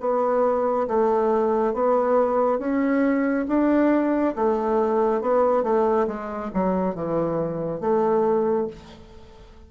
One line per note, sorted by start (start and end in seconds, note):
0.00 0.87 B3
0.87 1.74 A3
1.74 2.58 B3
2.58 3.45 C#4
3.48 4.35 D4
4.36 5.21 A3
5.21 5.63 B3
5.63 6.07 A3
6.07 6.51 G#3
6.54 6.95 F#3
6.95 7.80 E3
7.80 8.67 A3